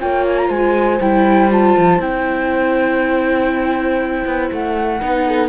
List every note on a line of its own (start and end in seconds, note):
0.00 0.50 A#3
0.00 1.00 F4
0.00 0.48 C#5
0.00 0.26 G5
0.28 0.38 G#5
0.38 0.50 A#5
0.48 1.00 G#3
0.48 4.98 C5
0.48 1.01 G#5
1.01 1.76 G3
1.01 1.51 E4
1.01 1.51 G5
1.51 2.00 F4
1.51 2.02 A5
1.78 1.99 F3
1.99 4.24 C4
1.99 5.00 E4
1.99 4.52 G5
4.26 4.51 B3
4.52 5.02 A3
4.52 5.49 F#5
5.00 5.49 B3
5.00 5.49 D#4
5.00 5.25 B4
5.27 5.49 A4